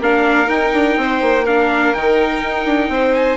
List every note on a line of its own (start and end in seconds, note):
0.00 0.48 A#3
0.00 0.47 D4
0.00 1.00 A#4
0.00 0.49 F5
0.47 1.43 D#4
0.47 0.72 D#4
0.47 1.46 G5
0.73 0.97 D4
0.97 1.21 C4
0.97 1.44 C5
1.21 1.94 A#3
1.44 1.95 D4
1.44 2.89 A#4
1.44 1.93 F5
1.93 2.42 D#3
1.93 3.37 D#4
1.93 3.14 G5
2.43 2.65 D#4
2.65 2.89 D4
2.89 3.37 C4
2.89 3.37 C5
3.14 3.37 G#5